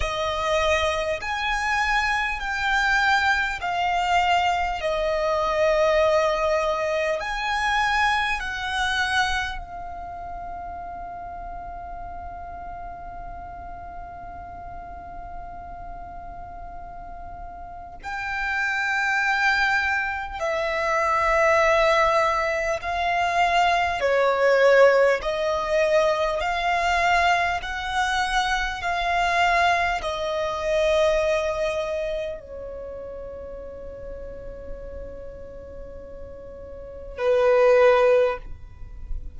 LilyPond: \new Staff \with { instrumentName = "violin" } { \time 4/4 \tempo 4 = 50 dis''4 gis''4 g''4 f''4 | dis''2 gis''4 fis''4 | f''1~ | f''2. g''4~ |
g''4 e''2 f''4 | cis''4 dis''4 f''4 fis''4 | f''4 dis''2 cis''4~ | cis''2. b'4 | }